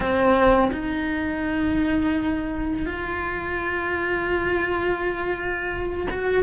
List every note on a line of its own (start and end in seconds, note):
0.00 0.71 C4
0.71 2.86 D#4
2.86 6.07 F4
6.10 6.43 F#4